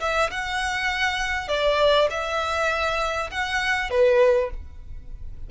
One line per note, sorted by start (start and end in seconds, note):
0.00 0.30 E5
0.31 1.48 F#5
1.48 2.08 D5
2.10 3.30 E5
3.31 3.90 F#5
3.90 4.50 B4